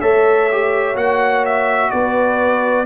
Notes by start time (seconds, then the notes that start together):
0.00 A3 A4 C#5 E5
0.51 G4
0.94 A#3 F#4 F#5
1.45 E5
1.90 B3 B4 D5